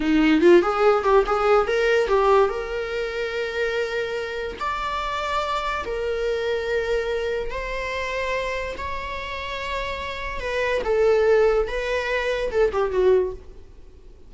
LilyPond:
\new Staff \with { instrumentName = "viola" } { \time 4/4 \tempo 4 = 144 dis'4 f'8 gis'4 g'8 gis'4 | ais'4 g'4 ais'2~ | ais'2. d''4~ | d''2 ais'2~ |
ais'2 c''2~ | c''4 cis''2.~ | cis''4 b'4 a'2 | b'2 a'8 g'8 fis'4 | }